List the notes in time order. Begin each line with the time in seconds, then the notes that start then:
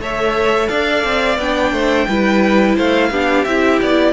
0.00 A3 A4 C#5 E5
0.69 D4 D5 F5
1.04 C4
1.39 B3 D4 G5
1.73 A3 C5
2.08 G3 E4 B4
2.76 A3 C5 F5
3.11 B3 D4 G4
3.45 C4 E4 E5
3.82 B3 D5